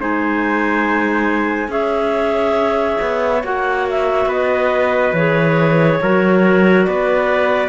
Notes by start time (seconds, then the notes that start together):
0.00 G#3 D#4 C5 G#5
1.68 C#4 G#4 C#5 E5
3.01 B3
3.44 A#3 F#4 F#5
3.90 E5
4.26 B3 B4 D#5
5.14 E3 G#4 C#5
6.02 F#3 F#4 A#4
6.85 B3 B4 D5